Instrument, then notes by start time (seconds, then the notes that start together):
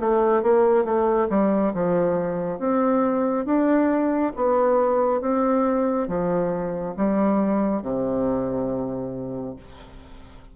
bassoon
0.00 A3
0.43 A#3
0.85 A3
1.30 G3
1.74 F3
2.59 C4
3.45 D4
4.36 B3
5.21 C4
6.08 F3
6.96 G3
7.82 C3